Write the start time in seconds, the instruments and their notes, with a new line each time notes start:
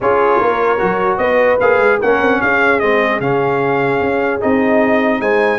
0.01 tuba C#4, trombone F4, horn G#4, trumpet C#5
0.39 tuba A#3, horn A#4
0.78 tuba F#3, trombone F#4
1.17 tuba B3, horn B4, trumpet D#5
1.60 tuba A#3, trombone G#4, trumpet F5
1.79 tuba G#3
1.99 tuba A#3, trombone C#4, horn A#4, trumpet F#5
2.21 tuba C4
2.41 tuba C#4, horn G#4, trumpet F5
2.79 tuba G#3, trombone C4, trumpet D#5
3.20 tuba C#3, trombone C#4, trumpet F5
4.00 tuba C#4
4.40 tuba C4, trombone D#4, trumpet D#5
5.19 tuba G#3, horn C5, trumpet G#5